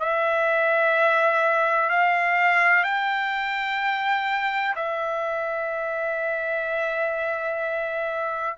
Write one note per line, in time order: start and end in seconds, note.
0.00 1.90 E5
1.90 2.84 F5
2.84 4.74 G5
4.76 8.57 E5